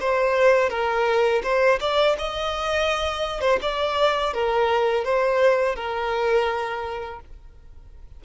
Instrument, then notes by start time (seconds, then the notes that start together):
violin
0.00 C5
0.70 A#4
1.43 C5
1.80 D5
2.18 D#5
3.41 C5
3.61 D5
4.34 A#4
5.04 C5
5.75 A#4